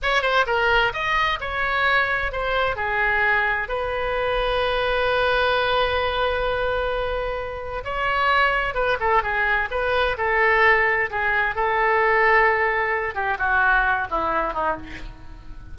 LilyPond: \new Staff \with { instrumentName = "oboe" } { \time 4/4 \tempo 4 = 130 cis''8 c''8 ais'4 dis''4 cis''4~ | cis''4 c''4 gis'2 | b'1~ | b'1~ |
b'4 cis''2 b'8 a'8 | gis'4 b'4 a'2 | gis'4 a'2.~ | a'8 g'8 fis'4. e'4 dis'8 | }